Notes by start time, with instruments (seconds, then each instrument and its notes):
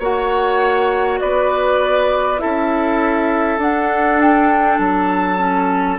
0.00 bassoon A#3, clarinet F#4, oboe C#5, flute F#5
1.20 bassoon B3, oboe B4, flute D5
2.38 clarinet E4, oboe A4, flute E5
2.44 bassoon C#4
3.58 bassoon D4, clarinet D4, flute F#5
4.21 flute G5
4.79 bassoon F#3, flute A5
5.38 clarinet C#4